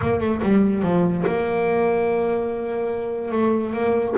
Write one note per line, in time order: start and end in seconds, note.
0.01 0.20 A#3
0.20 0.40 A3
0.42 0.82 G3
0.82 1.24 F3
1.26 3.31 A#3
3.31 3.73 A3
3.73 4.15 A#3